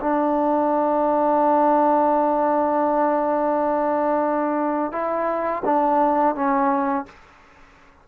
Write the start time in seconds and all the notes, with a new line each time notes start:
0.00 D4
4.92 E4
5.64 D4
6.35 C#4